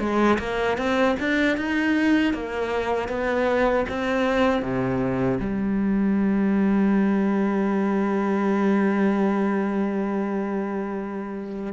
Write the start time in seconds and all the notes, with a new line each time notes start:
0.00 G#3
0.40 A#3
0.78 C4
1.20 D4
1.58 D#4
2.34 A#3
3.09 B3
3.89 C4
4.63 C3
5.41 G3